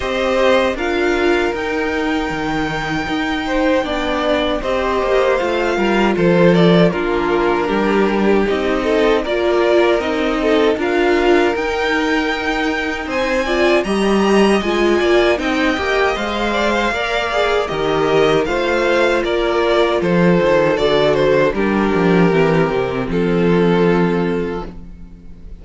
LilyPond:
<<
  \new Staff \with { instrumentName = "violin" } { \time 4/4 \tempo 4 = 78 dis''4 f''4 g''2~ | g''2 dis''4 f''4 | c''8 d''8 ais'2 dis''4 | d''4 dis''4 f''4 g''4~ |
g''4 gis''4 ais''4 gis''4 | g''4 f''2 dis''4 | f''4 d''4 c''4 d''8 c''8 | ais'2 a'2 | }
  \new Staff \with { instrumentName = "violin" } { \time 4/4 c''4 ais'2.~ | ais'8 c''8 d''4 c''4. ais'8 | a'4 f'4 g'4. a'8 | ais'4. a'8 ais'2~ |
ais'4 c''8 d''8 dis''4. d''8 | dis''4. d''16 c''16 d''4 ais'4 | c''4 ais'4 a'2 | g'2 f'2 | }
  \new Staff \with { instrumentName = "viola" } { \time 4/4 g'4 f'4 dis'2~ | dis'4 d'4 g'4 f'4~ | f'4 d'2 dis'4 | f'4 dis'4 f'4 dis'4~ |
dis'4. f'8 g'4 f'4 | dis'8 g'8 c''4 ais'8 gis'8 g'4 | f'2. fis'4 | d'4 c'2. | }
  \new Staff \with { instrumentName = "cello" } { \time 4/4 c'4 d'4 dis'4 dis4 | dis'4 b4 c'8 ais8 a8 g8 | f4 ais4 g4 c'4 | ais4 c'4 d'4 dis'4~ |
dis'4 c'4 g4 gis8 ais8 | c'8 ais8 gis4 ais4 dis4 | a4 ais4 f8 dis8 d4 | g8 f8 e8 c8 f2 | }
>>